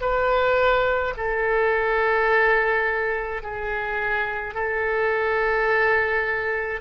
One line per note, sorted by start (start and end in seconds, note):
0.00 1.13 B4
1.17 3.42 A4
3.42 4.54 G#4
4.54 6.80 A4